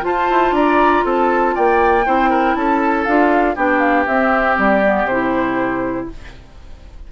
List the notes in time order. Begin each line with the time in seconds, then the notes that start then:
0.00 F4 C5 A5
0.29 E4
0.51 D4 D5 A#5
1.04 C4 A4 A5
1.54 A#3 D5 G5
2.05 C4 E4 C5
2.29 A#4
2.55 C#4 A4 A5
3.05 D4 F4 F5
3.55 B3 D4 G4 G5
3.78 F5
4.06 C4 E5
4.58 G3 D5
4.84 B3
5.04 C3 C5
5.10 E4